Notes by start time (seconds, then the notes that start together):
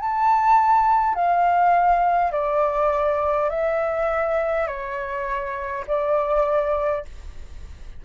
0.00 A5
1.15 F5
2.32 D5
3.50 E5
4.67 C#5
5.87 D5